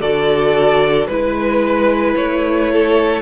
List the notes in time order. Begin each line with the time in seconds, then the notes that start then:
0.00 D3 F#4 A4 D5
1.07 G#3 E4 B4
2.15 A3 C#5
2.72 A4